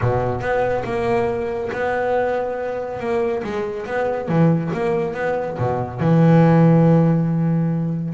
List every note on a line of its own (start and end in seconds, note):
0.01 0.40 B2
0.40 0.83 B3
0.84 1.70 A#3
1.72 2.99 B3
2.99 3.42 A#3
3.43 3.86 G#3
3.86 4.28 B3
4.28 4.71 E3
4.73 5.14 A#3
5.14 5.57 B3
5.58 5.99 B2
5.99 8.13 E3